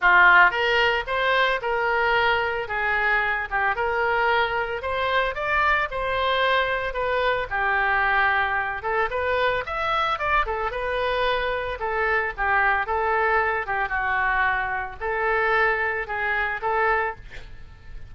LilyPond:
\new Staff \with { instrumentName = "oboe" } { \time 4/4 \tempo 4 = 112 f'4 ais'4 c''4 ais'4~ | ais'4 gis'4. g'8 ais'4~ | ais'4 c''4 d''4 c''4~ | c''4 b'4 g'2~ |
g'8 a'8 b'4 e''4 d''8 a'8 | b'2 a'4 g'4 | a'4. g'8 fis'2 | a'2 gis'4 a'4 | }